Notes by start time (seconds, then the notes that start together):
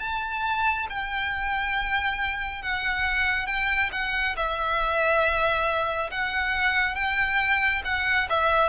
0.00 A5
0.90 G5
2.62 F#5
3.47 G5
3.92 F#5
4.37 E5
6.11 F#5
6.96 G5
7.85 F#5
8.30 E5